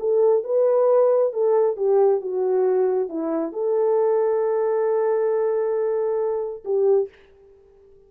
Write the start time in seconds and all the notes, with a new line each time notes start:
0.00 A4
0.44 B4
1.33 A4
1.77 G4
2.21 F#4
3.09 E4
3.53 A4
6.65 G4